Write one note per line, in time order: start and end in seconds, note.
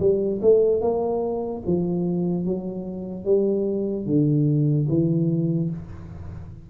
0.00 0.41 G3
0.42 0.82 A3
0.82 1.63 A#3
1.67 2.45 F3
2.45 3.25 F#3
3.25 4.06 G3
4.07 4.88 D3
4.89 5.71 E3